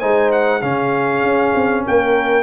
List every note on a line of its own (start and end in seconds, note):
0.00 0.62 G#3
0.00 0.62 D#4
0.00 0.61 C5
0.00 0.31 G#5
0.32 0.62 F#5
0.61 1.23 C#3
0.61 2.43 C#4
0.61 1.83 G#4
0.61 1.84 F5
1.23 1.54 C#4
1.55 1.86 C4
1.86 2.43 A#3
1.86 2.43 A#4
1.86 2.43 G5